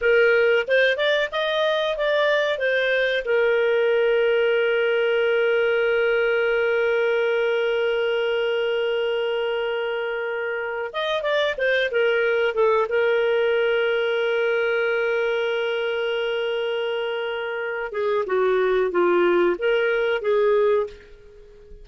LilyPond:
\new Staff \with { instrumentName = "clarinet" } { \time 4/4 \tempo 4 = 92 ais'4 c''8 d''8 dis''4 d''4 | c''4 ais'2.~ | ais'1~ | ais'1~ |
ais'8. dis''8 d''8 c''8 ais'4 a'8 ais'16~ | ais'1~ | ais'2.~ ais'8 gis'8 | fis'4 f'4 ais'4 gis'4 | }